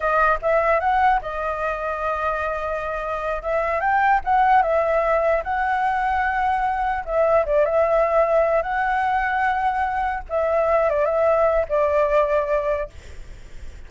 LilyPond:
\new Staff \with { instrumentName = "flute" } { \time 4/4 \tempo 4 = 149 dis''4 e''4 fis''4 dis''4~ | dis''1~ | dis''8 e''4 g''4 fis''4 e''8~ | e''4. fis''2~ fis''8~ |
fis''4. e''4 d''8 e''4~ | e''4. fis''2~ fis''8~ | fis''4. e''4. d''8 e''8~ | e''4 d''2. | }